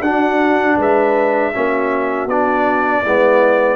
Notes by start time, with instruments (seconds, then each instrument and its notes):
0.00 tuba D4, trombone D4, horn F#4, trumpet F#5
0.77 tuba G#3, horn B4, trumpet E5
1.53 tuba A#3, trombone C#4, horn F#4
2.26 tuba B3, trombone D4, trumpet D5
3.02 tuba G#3, trombone B3, horn E4